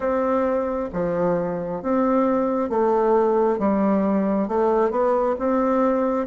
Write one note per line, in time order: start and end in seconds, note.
0.00 0.90 C4
0.92 1.82 F3
1.82 2.69 C4
2.69 3.58 A3
3.58 4.48 G3
4.48 4.90 A3
4.90 5.35 B3
5.39 6.26 C4